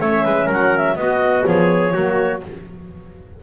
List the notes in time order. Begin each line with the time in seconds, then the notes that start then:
0.00 A3 C#4 C#5 E5
0.25 G#3 B4
0.46 F#3 A#4 F#5
0.77 E5
0.96 B3 F#4 D#5
1.44 F3 G#4 C#5
1.93 F#3 A#3 F#4